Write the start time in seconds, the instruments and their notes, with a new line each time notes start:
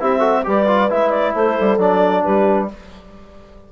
0.00 bassoon C4, trombone E4, horn G4, clarinet E5
0.19 trombone F#4, horn A4
0.44 bassoon G3, trombone G4, horn B4, clarinet D5
0.67 trombone F4
0.90 bassoon G#3, trombone E4, clarinet E5
1.10 clarinet D5
1.35 bassoon A3, horn A4, clarinet C5
1.61 bassoon G3
1.78 bassoon F#3, trombone D4, clarinet D5
2.24 bassoon G3, horn G4, clarinet B4